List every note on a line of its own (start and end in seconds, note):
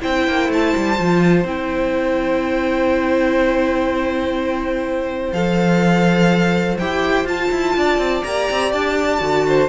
0.00 0.28 C4
0.00 0.97 E4
0.00 7.76 C5
0.00 0.51 G5
0.28 0.49 A#3
0.49 0.73 A3
0.49 1.46 A5
0.76 0.99 G3
0.97 1.44 F3
0.97 1.46 F4
1.44 5.31 C4
1.44 5.33 E4
1.44 5.33 G5
5.33 6.78 F3
5.33 6.79 A4
5.33 6.78 F5
6.78 7.25 E4
6.78 7.27 G4
6.78 7.27 G5
7.25 7.49 F4
7.25 8.24 F4
7.25 8.24 A5
7.51 7.75 E4
7.76 7.98 D4
7.76 9.47 D5
7.98 8.22 C4
8.24 8.49 A#3
8.24 9.20 G4
8.24 8.72 A#5
8.50 8.73 C4
8.72 9.21 D4
8.72 9.68 A5
9.20 9.68 D3
9.20 9.68 F#4
9.47 9.68 C5